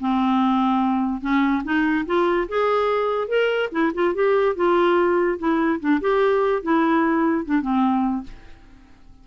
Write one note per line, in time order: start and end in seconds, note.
0.00 1.21 C4
1.21 1.63 C#4
1.64 2.05 D#4
2.06 2.48 F4
2.48 3.28 G#4
3.28 3.70 A#4
3.72 3.92 E4
3.94 4.14 F4
4.14 4.56 G4
4.56 5.38 F4
5.38 5.80 E4
5.80 6.01 D4
6.01 6.62 G4
6.62 7.45 E4
7.45 7.62 D4
7.62 8.24 C4